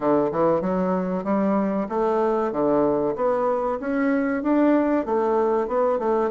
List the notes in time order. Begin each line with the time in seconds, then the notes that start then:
0.00 D3
0.31 E3
0.61 F#3
1.24 G3
1.89 A3
2.52 D3
3.15 B3
3.80 C#4
4.42 D4
5.05 A3
5.67 B3
5.98 A3